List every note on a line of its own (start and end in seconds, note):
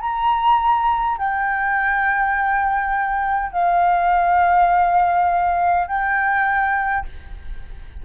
0.00 1.18 A#5
1.18 3.52 G5
3.52 5.87 F5
5.87 7.05 G5